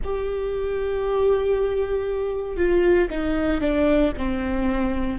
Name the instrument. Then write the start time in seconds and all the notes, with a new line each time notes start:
viola
0.04 G4
2.56 F4
3.10 D#4
3.61 D4
4.17 C4